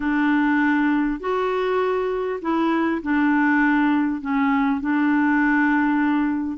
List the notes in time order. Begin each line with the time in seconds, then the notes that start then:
0.00 D4
1.20 F#4
2.41 E4
3.02 D4
4.21 C#4
4.81 D4